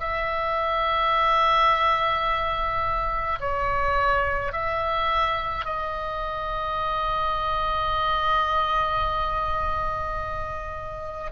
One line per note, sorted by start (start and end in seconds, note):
0.00 3.40 E5
3.41 4.53 C#5
4.53 5.66 E5
5.66 11.32 D#5